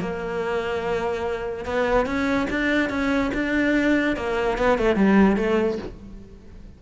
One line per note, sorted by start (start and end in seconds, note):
0.00 1.65 A#3
1.65 2.06 B3
2.06 2.47 C#4
2.50 2.89 D4
2.89 3.31 C#4
3.34 4.16 D4
4.16 4.58 A#3
4.58 4.78 B3
4.78 4.95 A3
4.95 5.36 G3
5.36 5.78 A3